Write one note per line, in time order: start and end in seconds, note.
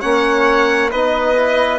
0.00 0.93 A#3
0.00 0.91 C#4
0.00 0.90 C#5
0.00 0.90 F#5
0.91 1.79 B3
0.91 1.36 D#4
0.91 1.79 B4
0.91 1.79 D#5
1.36 1.79 E4